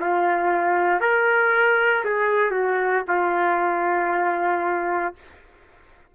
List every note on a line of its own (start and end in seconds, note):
0.00 1.01 F4
1.01 2.04 A#4
2.05 2.51 G#4
2.51 3.03 F#4
3.08 5.15 F4